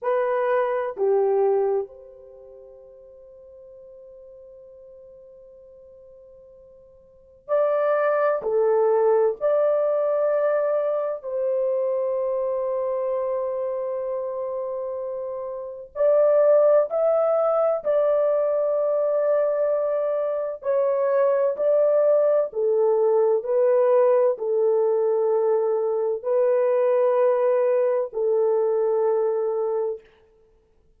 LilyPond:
\new Staff \with { instrumentName = "horn" } { \time 4/4 \tempo 4 = 64 b'4 g'4 c''2~ | c''1 | d''4 a'4 d''2 | c''1~ |
c''4 d''4 e''4 d''4~ | d''2 cis''4 d''4 | a'4 b'4 a'2 | b'2 a'2 | }